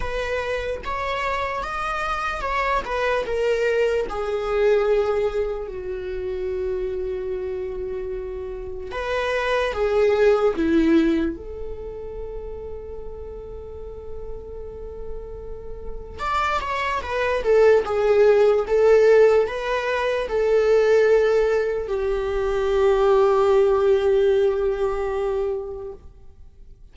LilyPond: \new Staff \with { instrumentName = "viola" } { \time 4/4 \tempo 4 = 74 b'4 cis''4 dis''4 cis''8 b'8 | ais'4 gis'2 fis'4~ | fis'2. b'4 | gis'4 e'4 a'2~ |
a'1 | d''8 cis''8 b'8 a'8 gis'4 a'4 | b'4 a'2 g'4~ | g'1 | }